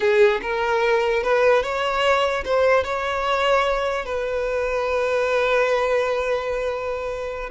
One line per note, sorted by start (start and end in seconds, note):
0.00 0.40 G#4
0.42 1.23 A#4
1.23 1.63 B4
1.63 2.44 C#5
2.45 2.84 C5
2.84 4.05 C#5
4.05 7.49 B4